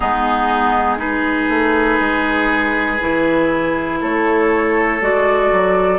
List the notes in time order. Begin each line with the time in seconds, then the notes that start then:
0.00 G#3 B3 D#4 G#4
0.97 D#4 G#4 B4
1.48 A3
1.99 G#3
3.00 E3 E4
4.01 A3 A4 C#5
5.01 G#3 F#4 D5
5.51 F#3